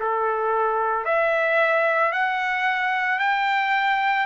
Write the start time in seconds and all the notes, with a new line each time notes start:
0.00 A4
1.05 E5
2.12 F#5
3.19 G5